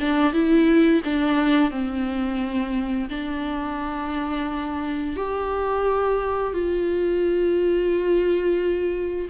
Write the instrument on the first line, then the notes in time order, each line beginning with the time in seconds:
viola
0.00 D4
0.33 E4
1.04 D4
1.71 C4
3.09 D4
5.17 G4
6.53 F4